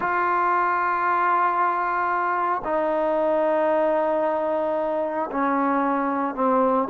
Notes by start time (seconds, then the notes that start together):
0.00 F4
2.64 D#4
5.31 C#4
6.35 C4